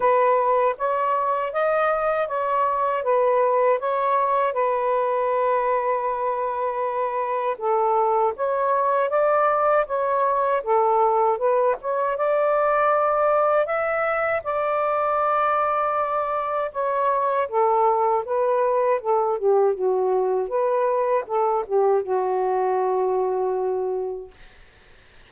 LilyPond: \new Staff \with { instrumentName = "saxophone" } { \time 4/4 \tempo 4 = 79 b'4 cis''4 dis''4 cis''4 | b'4 cis''4 b'2~ | b'2 a'4 cis''4 | d''4 cis''4 a'4 b'8 cis''8 |
d''2 e''4 d''4~ | d''2 cis''4 a'4 | b'4 a'8 g'8 fis'4 b'4 | a'8 g'8 fis'2. | }